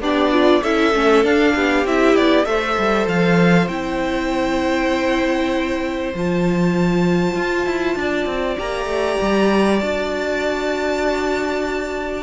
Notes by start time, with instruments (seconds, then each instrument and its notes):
0.00 cello B3, violin D4 D5, viola G4
0.31 viola F4
0.63 cello C#4, viola E4, violin A4 E5
0.93 cello A3, viola C#4
1.23 viola D4, cello D4, violin F5
1.55 cello B3, violin G4
1.85 cello C4, viola E4, violin E5
2.16 cello B3, violin D5
2.45 cello A3, viola A4, violin C5 E5
2.78 cello G3
3.07 cello F3, violin F5
3.68 cello C4, viola E4, violin G5
6.14 cello F3, viola F4, violin A5
7.35 cello F4
7.66 cello E4
7.96 cello D4, violin D5
8.26 cello C4
8.57 cello A#3, viola G4, violin A#5
8.85 cello A3
9.21 cello G3
9.79 cello D4, viola F#4, violin A5